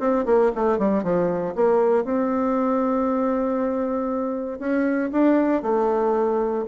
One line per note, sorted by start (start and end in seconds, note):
0.00 0.26 C4
0.26 0.52 A#3
0.56 0.79 A3
0.79 1.03 G3
1.03 1.55 F3
1.55 2.05 A#3
2.05 4.59 C4
4.59 5.11 C#4
5.12 5.63 D4
5.63 6.65 A3